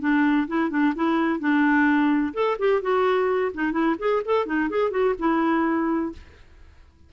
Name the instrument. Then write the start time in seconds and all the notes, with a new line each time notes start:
clarinet
0.00 D4
0.47 E4
0.70 D4
0.95 E4
1.39 D4
2.34 A4
2.59 G4
2.81 F#4
3.54 D#4
3.72 E4
3.99 G#4
4.25 A4
4.46 D#4
4.70 G#4
4.91 F#4
5.18 E4